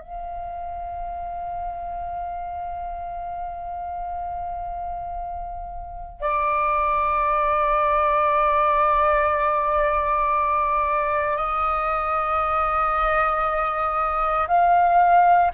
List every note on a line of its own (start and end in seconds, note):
0.00 6.21 F5
6.21 11.37 D5
11.37 14.47 D#5
14.47 15.51 F5